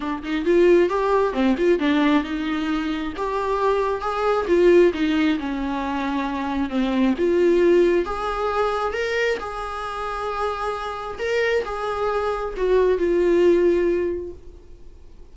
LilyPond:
\new Staff \with { instrumentName = "viola" } { \time 4/4 \tempo 4 = 134 d'8 dis'8 f'4 g'4 c'8 f'8 | d'4 dis'2 g'4~ | g'4 gis'4 f'4 dis'4 | cis'2. c'4 |
f'2 gis'2 | ais'4 gis'2.~ | gis'4 ais'4 gis'2 | fis'4 f'2. | }